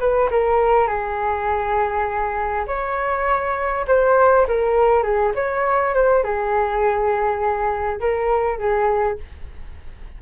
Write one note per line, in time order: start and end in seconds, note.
0.00 0.30 B4
0.31 0.88 A#4
0.88 2.66 G#4
2.67 3.86 C#5
3.87 4.47 C5
4.48 5.03 A#4
5.03 5.33 G#4
5.35 5.95 C#5
5.95 6.24 C5
6.24 8.00 G#4
8.00 8.59 A#4
8.59 9.18 G#4